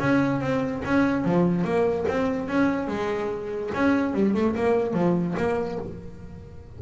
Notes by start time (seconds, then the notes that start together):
0.00 C#4
0.41 C4
0.85 C#4
1.25 F3
1.64 A#3
2.08 C4
2.48 C#4
2.88 G#3
3.74 C#4
4.14 G3
4.34 A3
4.56 A#3
4.93 F3
5.37 A#3